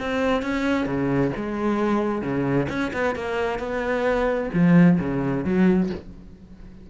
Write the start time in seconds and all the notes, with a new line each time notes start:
0.00 C4
0.43 C#4
0.86 C#3
1.36 G#3
2.22 C#3
2.69 C#4
2.93 B3
3.16 A#3
3.59 B3
4.54 F3
5.00 C#3
5.45 F#3